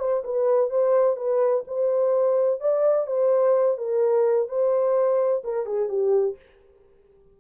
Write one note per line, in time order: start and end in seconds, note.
0.00 0.24 C5
0.24 0.70 B4
0.70 1.17 C5
1.17 1.64 B4
1.68 2.61 C5
2.61 3.07 D5
3.07 3.78 C5
3.78 4.49 A#4
4.49 5.43 C5
5.44 5.66 A#4
5.66 5.89 G#4
5.89 6.37 G4